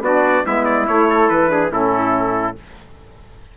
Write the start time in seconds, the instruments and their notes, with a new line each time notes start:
0.00 bassoon B3, saxophone D4, trumpet F#4 D5
0.45 bassoon G#3, saxophone B3, trumpet E4 E5
0.65 trumpet D5
0.87 bassoon A3, saxophone E4, trumpet C#5
1.09 trumpet A4
1.29 bassoon E3, trumpet B4
1.48 saxophone D4, trumpet G#4
1.71 bassoon A2, saxophone C#4, trumpet E4 A4